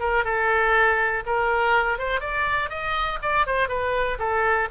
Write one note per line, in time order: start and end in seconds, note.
0.00 0.25 A#4
0.25 1.24 A4
1.26 1.99 A#4
1.99 2.21 C5
2.21 2.70 D5
2.70 3.20 D#5
3.23 3.47 D5
3.47 3.69 C5
3.69 4.19 B4
4.19 4.69 A4